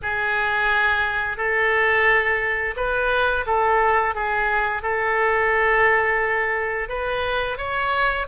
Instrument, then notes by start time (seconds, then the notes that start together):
oboe
0.02 G#4
1.37 A4
2.76 B4
3.46 A4
4.14 G#4
4.82 A4
6.88 B4
7.57 C#5